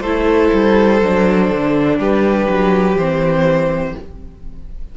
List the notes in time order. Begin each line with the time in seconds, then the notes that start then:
0.00 A3 E4 A4 C5
0.53 G3
1.01 F#3 D4
1.50 D3
1.98 G3 G4 B4
2.49 F#3
2.96 E3 C4 C5